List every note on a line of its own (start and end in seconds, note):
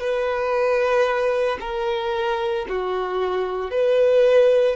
0.00 1.58 B4
1.61 2.66 A#4
2.69 3.71 F#4
3.71 4.76 B4